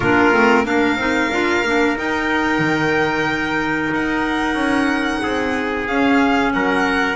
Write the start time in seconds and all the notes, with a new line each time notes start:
0.00 A#3 D4 F4 A#4
0.32 A3 C4
0.63 A#3 D4 A#4 F5
0.96 C4 D#4
1.30 D4 F4
1.64 A#3 D4
1.96 D#4 G5
2.58 D#3
3.92 D#4 F#5
4.54 C#4
5.22 C4 G#4
5.87 C#4 F5
6.52 F#3 A#4 F#5